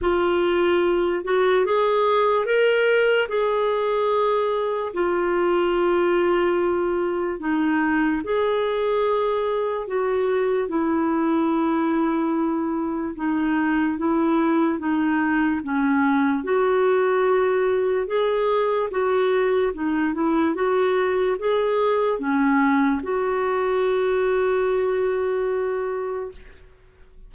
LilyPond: \new Staff \with { instrumentName = "clarinet" } { \time 4/4 \tempo 4 = 73 f'4. fis'8 gis'4 ais'4 | gis'2 f'2~ | f'4 dis'4 gis'2 | fis'4 e'2. |
dis'4 e'4 dis'4 cis'4 | fis'2 gis'4 fis'4 | dis'8 e'8 fis'4 gis'4 cis'4 | fis'1 | }